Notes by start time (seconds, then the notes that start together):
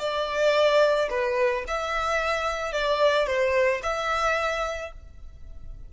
0.00 D5
1.11 B4
1.68 E5
2.73 D5
3.28 C5
3.84 E5